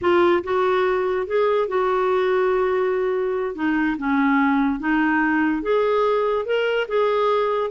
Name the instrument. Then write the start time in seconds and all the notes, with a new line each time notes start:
clarinet
0.01 F4
0.43 F#4
1.27 G#4
1.68 F#4
3.55 D#4
3.98 C#4
4.79 D#4
5.62 G#4
6.45 A#4
6.88 G#4